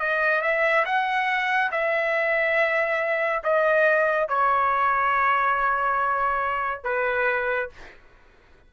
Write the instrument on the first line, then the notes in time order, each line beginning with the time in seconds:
trumpet
0.00 D#5
0.42 E5
0.85 F#5
1.71 E5
3.44 D#5
4.29 C#5
6.84 B4